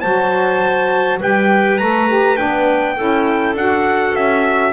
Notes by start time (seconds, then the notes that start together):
0.00 F#3 F#4 C5 A5
1.19 G3 G4 B4 G5
1.78 A3 A4 A#5
2.08 G4
2.36 B3 D4 G5
2.96 C#4 E4 A4
3.54 D4 F#4 F#5
4.14 C#4 E5